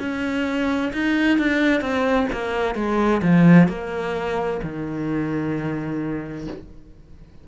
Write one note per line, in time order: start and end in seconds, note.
0.00 0.92 C#4
0.93 1.38 D#4
1.38 1.81 D4
1.81 2.27 C4
2.32 2.75 A#3
2.75 3.21 G#3
3.22 3.68 F3
3.68 4.61 A#3
4.63 6.48 D#3